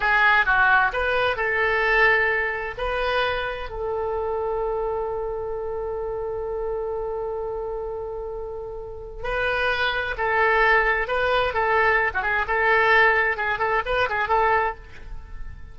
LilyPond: \new Staff \with { instrumentName = "oboe" } { \time 4/4 \tempo 4 = 130 gis'4 fis'4 b'4 a'4~ | a'2 b'2 | a'1~ | a'1~ |
a'1 | b'2 a'2 | b'4 a'4~ a'16 fis'16 gis'8 a'4~ | a'4 gis'8 a'8 b'8 gis'8 a'4 | }